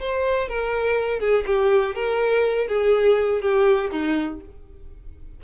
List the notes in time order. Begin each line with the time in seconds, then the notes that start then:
0.00 C5
0.49 A#4
1.20 G#4
1.46 G4
1.95 A#4
2.68 G#4
3.41 G4
3.91 D#4